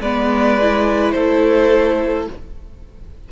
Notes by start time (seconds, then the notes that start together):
0.00 G#3 B3 B4 D5
0.61 E4
1.11 A3 A4 C5